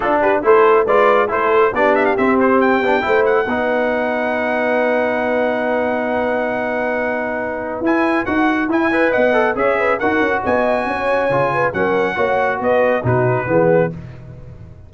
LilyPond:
<<
  \new Staff \with { instrumentName = "trumpet" } { \time 4/4 \tempo 4 = 138 a'8 b'8 c''4 d''4 c''4 | d''8 e''16 f''16 e''8 c''8 g''4. fis''8~ | fis''1~ | fis''1~ |
fis''2 gis''4 fis''4 | gis''4 fis''4 e''4 fis''4 | gis''2. fis''4~ | fis''4 dis''4 b'2 | }
  \new Staff \with { instrumentName = "horn" } { \time 4/4 f'8 g'8 a'4 b'4 a'4 | g'2. c''4 | b'1~ | b'1~ |
b'1~ | b'8 e''8 dis''4 cis''8 b'8 ais'4 | dis''4 cis''4. b'8 ais'4 | cis''4 b'4 fis'4 gis'4 | }
  \new Staff \with { instrumentName = "trombone" } { \time 4/4 d'4 e'4 f'4 e'4 | d'4 c'4. d'8 e'4 | dis'1~ | dis'1~ |
dis'2 e'4 fis'4 | e'8 b'4 a'8 gis'4 fis'4~ | fis'2 f'4 cis'4 | fis'2 dis'4 b4 | }
  \new Staff \with { instrumentName = "tuba" } { \time 4/4 d'4 a4 gis4 a4 | b4 c'4. b8 a4 | b1~ | b1~ |
b2 e'4 dis'4 | e'4 b4 cis'4 dis'8 cis'8 | b4 cis'4 cis4 fis4 | ais4 b4 b,4 e4 | }
>>